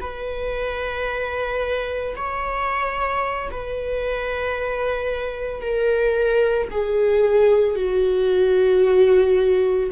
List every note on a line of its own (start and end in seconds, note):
0.00 2.14 B4
2.16 3.50 C#5
3.51 5.61 B4
5.61 6.68 A#4
6.71 7.75 G#4
7.75 9.90 F#4